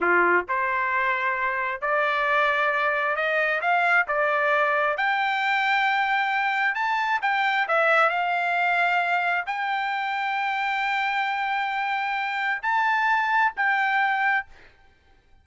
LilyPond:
\new Staff \with { instrumentName = "trumpet" } { \time 4/4 \tempo 4 = 133 f'4 c''2. | d''2. dis''4 | f''4 d''2 g''4~ | g''2. a''4 |
g''4 e''4 f''2~ | f''4 g''2.~ | g''1 | a''2 g''2 | }